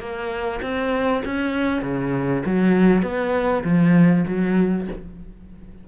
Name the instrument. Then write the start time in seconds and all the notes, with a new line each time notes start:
cello
0.00 A#3
0.63 C4
1.25 C#4
1.83 C#3
2.46 F#3
3.03 B3
3.64 F3
4.28 F#3